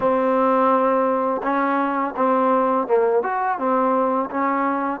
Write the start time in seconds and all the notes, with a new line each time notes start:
0.00 C4
1.43 C#4
2.16 C4
2.87 A#3
3.22 F#4
3.58 C4
4.30 C#4